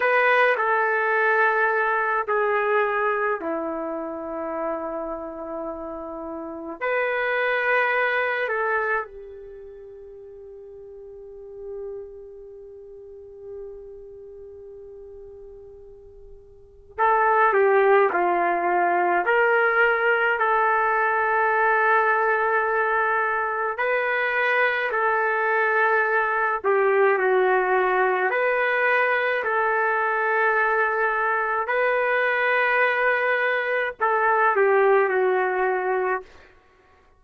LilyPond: \new Staff \with { instrumentName = "trumpet" } { \time 4/4 \tempo 4 = 53 b'8 a'4. gis'4 e'4~ | e'2 b'4. a'8 | g'1~ | g'2. a'8 g'8 |
f'4 ais'4 a'2~ | a'4 b'4 a'4. g'8 | fis'4 b'4 a'2 | b'2 a'8 g'8 fis'4 | }